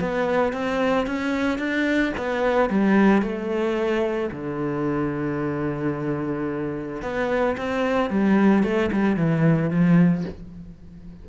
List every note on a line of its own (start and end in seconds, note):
0.00 0.53 B3
0.53 1.06 C4
1.06 1.58 C#4
1.58 2.12 D4
2.17 2.70 B3
2.70 3.22 G3
3.22 4.30 A3
4.31 7.02 D3
7.02 7.56 B3
7.57 8.10 C4
8.10 8.63 G3
8.63 8.90 A3
8.92 9.16 G3
9.16 9.70 E3
9.70 10.24 F3